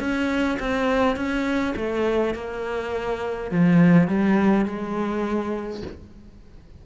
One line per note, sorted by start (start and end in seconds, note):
0.00 0.58 C#4
0.59 1.16 C4
1.16 1.74 C#4
1.76 2.35 A3
2.35 3.51 A#3
3.51 4.08 F3
4.08 4.65 G3
4.65 5.82 G#3